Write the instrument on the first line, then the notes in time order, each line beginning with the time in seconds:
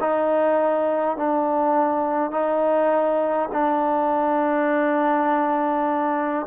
trombone
0.00 D#4
1.17 D4
2.31 D#4
3.52 D4